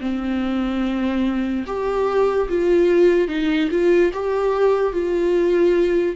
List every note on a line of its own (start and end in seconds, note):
0.00 1.64 C4
1.66 2.48 G4
2.48 3.28 F4
3.28 3.69 D#4
3.71 4.12 F4
4.13 4.92 G4
4.92 6.16 F4